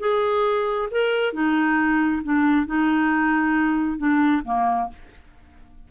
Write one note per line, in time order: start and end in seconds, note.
0.00 0.89 G#4
0.92 1.34 A#4
1.34 2.22 D#4
2.24 2.67 D4
2.67 3.98 D#4
3.98 4.43 D4
4.45 4.90 A#3